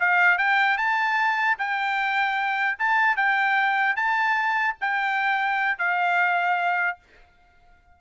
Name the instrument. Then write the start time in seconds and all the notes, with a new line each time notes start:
trumpet
0.00 F5
0.38 G5
0.78 A5
1.59 G5
2.79 A5
3.17 G5
3.96 A5
4.81 G5
5.79 F5